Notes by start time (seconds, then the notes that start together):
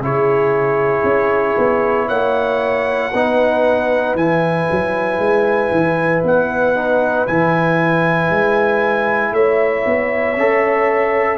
0.00 C#3 E4 G#4 C#5
1.03 C#4
1.58 B3
2.08 A#3 C#5 F#5
3.12 B3 D#4 B4
4.15 E3 E4 G#5
4.71 F#3
5.19 G#3
5.71 E3
6.23 B3 F#5
6.75 D#4
7.27 E3 E4 G#5
8.30 G#3
9.33 A3 C#5 E5
9.86 B3
10.37 C#4 A4